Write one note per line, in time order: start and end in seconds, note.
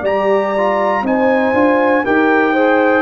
0.00 1.02 G3
0.00 0.54 G4
0.00 1.00 D5
0.00 1.05 A#5
0.57 1.04 F4
1.02 1.52 C4
1.02 1.54 D#4
1.02 2.04 C5
1.02 2.05 G#5
1.54 2.04 D4
1.54 2.04 F4
2.04 3.02 D#4
2.04 2.55 G4
2.04 2.53 A#4
2.04 3.02 G5
2.53 3.02 G#4
2.53 3.02 C5